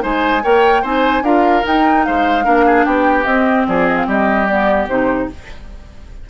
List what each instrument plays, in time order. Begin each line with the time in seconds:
0.00 bassoon G#3, clarinet D#4, oboe C5, flute G#5
0.43 bassoon A#3, clarinet A#4, oboe C#5, flute G5
0.82 bassoon C4, clarinet D#4, oboe C5, flute G#5
1.21 bassoon D4, clarinet F4, oboe A#4, flute F5
1.62 clarinet D#4, bassoon D#4, flute G5
2.04 bassoon G#3, oboe C5, flute F5
2.43 bassoon A#3, clarinet D4, oboe A#4
2.65 oboe G#4
2.84 bassoon B3, oboe G4, flute G5
3.24 bassoon C4, clarinet C4, flute D#5
3.67 bassoon F3, oboe G#4, flute D5
3.86 flute D#5
3.96 flute F5
4.06 bassoon G3, oboe G4, flute D#5
4.46 clarinet B3, flute D5
4.88 bassoon C3, clarinet D#4, flute C5